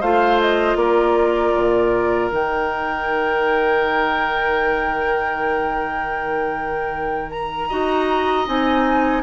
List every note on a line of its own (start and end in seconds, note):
0.00 0.75 A3
0.00 2.31 F4
0.00 0.77 C5
0.00 0.40 F5
0.40 0.76 D#5
0.75 1.52 A#3
0.75 7.69 A#4
0.75 2.29 D5
1.55 2.31 A#2
2.31 7.69 D#3
2.31 7.69 D#4
2.31 7.30 G5
7.30 8.46 A#5
7.69 8.47 D#4
7.69 8.46 F#4
7.69 9.22 D#5
8.46 9.22 C4
8.46 9.22 D#4
8.46 9.22 G#5